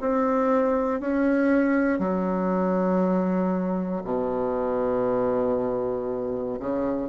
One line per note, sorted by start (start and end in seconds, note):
0.00 1.00 C4
1.00 1.99 C#4
1.99 4.02 F#3
4.04 6.58 B2
6.59 7.09 C#3